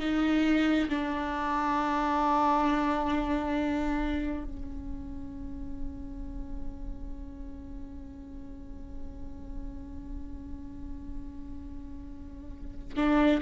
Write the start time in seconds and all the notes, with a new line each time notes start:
0.00 D#4
0.90 D4
4.45 C#4
12.97 D4